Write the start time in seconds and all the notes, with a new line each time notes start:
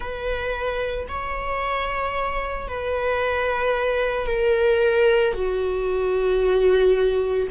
0.00 B4
1.08 C#5
2.68 B4
4.26 A#4
5.33 F#4